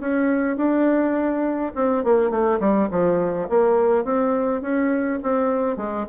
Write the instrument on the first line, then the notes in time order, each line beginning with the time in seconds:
bassoon
0.00 C#4
0.57 D4
1.75 C4
2.04 A#3
2.30 A3
2.60 G3
2.91 F3
3.49 A#3
4.04 C4
4.62 C#4
5.23 C4
5.77 G#3